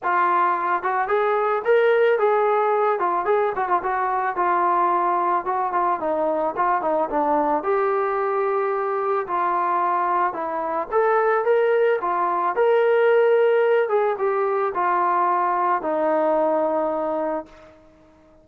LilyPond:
\new Staff \with { instrumentName = "trombone" } { \time 4/4 \tempo 4 = 110 f'4. fis'8 gis'4 ais'4 | gis'4. f'8 gis'8 fis'16 f'16 fis'4 | f'2 fis'8 f'8 dis'4 | f'8 dis'8 d'4 g'2~ |
g'4 f'2 e'4 | a'4 ais'4 f'4 ais'4~ | ais'4. gis'8 g'4 f'4~ | f'4 dis'2. | }